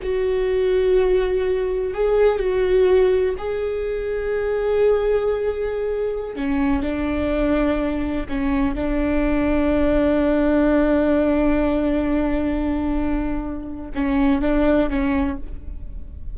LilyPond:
\new Staff \with { instrumentName = "viola" } { \time 4/4 \tempo 4 = 125 fis'1 | gis'4 fis'2 gis'4~ | gis'1~ | gis'4~ gis'16 cis'4 d'4.~ d'16~ |
d'4~ d'16 cis'4 d'4.~ d'16~ | d'1~ | d'1~ | d'4 cis'4 d'4 cis'4 | }